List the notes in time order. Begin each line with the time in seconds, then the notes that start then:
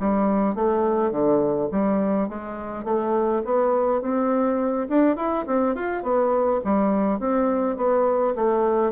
0.00 G3
0.55 A3
1.11 D3
1.72 G3
2.29 G#3
2.85 A3
3.45 B3
4.02 C4
4.89 D4
5.17 E4
5.47 C4
5.76 F4
6.03 B3
6.65 G3
7.20 C4
7.77 B3
8.36 A3